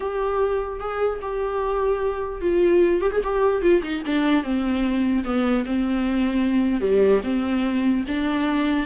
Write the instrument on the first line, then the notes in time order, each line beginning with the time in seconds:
viola
0.00 G4
0.79 G#4
1.21 G4
2.41 F4
3.01 G4
3.11 G#4
3.23 G4
3.61 F4
3.82 D#4
4.06 D4
4.43 C4
5.24 B3
5.65 C4
6.81 G3
7.23 C4
8.07 D4